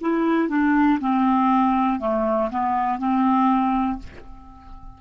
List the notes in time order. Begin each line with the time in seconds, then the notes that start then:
0.00 E4
0.48 D4
1.00 C4
2.00 A3
2.50 B3
2.98 C4